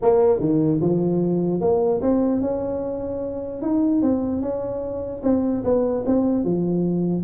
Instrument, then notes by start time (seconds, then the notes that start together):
tuba
0.01 A#3
0.39 D#3
0.81 F3
1.61 A#3
2.01 C4
2.41 C#4
3.61 D#4
4.02 C4
4.41 C#4
5.23 C4
5.64 B3
6.06 C4
6.44 F3